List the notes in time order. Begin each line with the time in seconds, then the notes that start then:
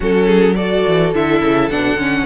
0.00 F#3 C#4 F#4 A4
0.26 G#4
0.55 F#4 A4 D5
0.87 E3
1.13 D3 E4 E5
1.41 C#3
1.69 B2 D4 F#5
1.95 D3 C#4